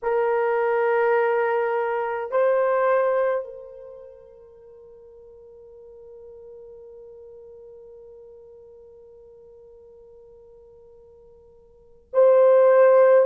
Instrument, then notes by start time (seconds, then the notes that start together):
horn
0.02 A#4
2.31 C5
3.44 A#4
12.13 C5